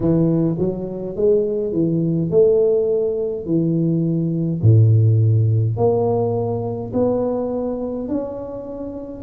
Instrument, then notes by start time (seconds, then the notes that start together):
tuba
0.00 E3
0.58 F#3
1.15 G#3
1.72 E3
2.30 A3
3.45 E3
4.62 A2
5.76 A#3
6.93 B3
8.08 C#4